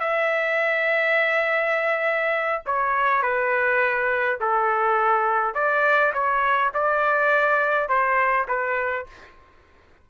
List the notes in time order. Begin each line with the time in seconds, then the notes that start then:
0.00 E5
2.66 C#5
3.22 B4
4.40 A4
5.54 D5
6.14 C#5
6.74 D5
7.89 C5
8.48 B4